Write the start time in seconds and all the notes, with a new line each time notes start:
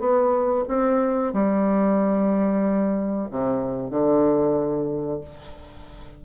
0.00 B3
0.68 C4
1.34 G3
3.31 C3
3.91 D3